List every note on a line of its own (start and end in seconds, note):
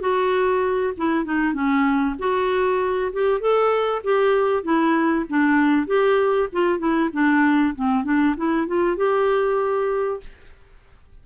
0.00 0.93 F#4
0.97 1.25 E4
1.25 1.53 D#4
1.53 2.15 C#4
2.18 3.11 F#4
3.12 3.40 G4
3.40 4.02 A4
4.03 4.63 G4
4.63 5.25 E4
5.29 5.87 D4
5.87 6.48 G4
6.52 6.78 F4
6.78 7.09 E4
7.12 7.74 D4
7.75 8.04 C4
8.04 8.35 D4
8.36 8.67 E4
8.67 8.96 F4
8.96 10.20 G4